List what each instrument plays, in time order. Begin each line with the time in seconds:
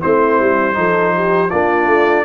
0.00 tuba A3, trombone C4, horn E4, trumpet C5
0.40 tuba G3
0.73 tuba F3, trombone D#4, horn A4
1.16 horn G4
1.50 tuba A#3, trombone D4, horn F4, trumpet D5
1.87 tuba A3